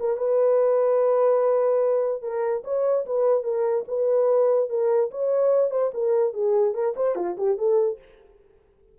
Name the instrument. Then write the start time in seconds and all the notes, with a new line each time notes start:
horn
0.00 A#4
0.17 B4
2.22 A#4
2.64 C#5
3.06 B4
3.44 A#4
3.88 B4
4.69 A#4
5.11 C#5
5.71 C5
5.94 A#4
6.34 G#4
6.74 A#4
6.96 C5
7.16 F4
7.37 G4
7.58 A4